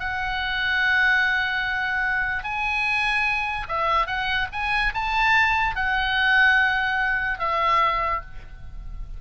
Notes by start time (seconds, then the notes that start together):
0.00 F#5
2.44 G#5
3.69 E5
4.07 F#5
4.53 G#5
4.95 A5
5.76 F#5
7.39 E5